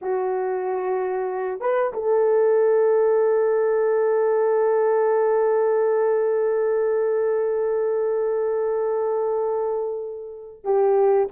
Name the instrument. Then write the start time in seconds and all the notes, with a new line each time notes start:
horn
0.01 F#4
1.60 B4
1.93 A4
10.64 G4